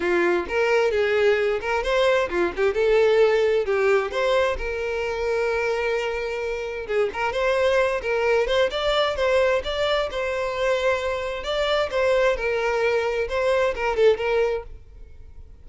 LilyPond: \new Staff \with { instrumentName = "violin" } { \time 4/4 \tempo 4 = 131 f'4 ais'4 gis'4. ais'8 | c''4 f'8 g'8 a'2 | g'4 c''4 ais'2~ | ais'2. gis'8 ais'8 |
c''4. ais'4 c''8 d''4 | c''4 d''4 c''2~ | c''4 d''4 c''4 ais'4~ | ais'4 c''4 ais'8 a'8 ais'4 | }